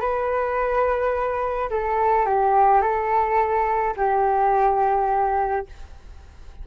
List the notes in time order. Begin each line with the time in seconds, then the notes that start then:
0.00 B4
1.70 A4
2.26 G4
2.81 A4
3.96 G4